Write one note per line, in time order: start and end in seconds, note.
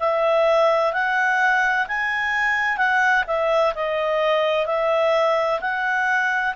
0.00 0.93 E5
0.93 1.87 F#5
1.88 2.78 G#5
2.78 3.25 F#5
3.27 3.74 E5
3.75 4.67 D#5
4.67 5.60 E5
5.61 6.55 F#5